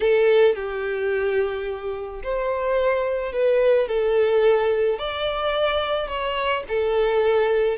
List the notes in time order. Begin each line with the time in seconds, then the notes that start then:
0.00 A4
0.55 G4
2.23 C5
3.32 B4
3.88 A4
4.98 D5
6.08 C#5
6.68 A4